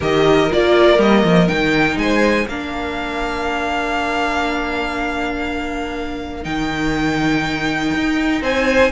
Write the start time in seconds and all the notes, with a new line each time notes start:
0.00 D#3 G4 A#4 D#5
0.51 A#3 F4 D5
0.98 G3 A#3 D#5
1.23 F3
1.47 D#3 D#4 G5
1.96 G#3 C5 G#5
2.48 A#3 D4 A#4 F5
6.43 D#3 D#4 G5
7.94 D#4
8.41 C4 C5 G#5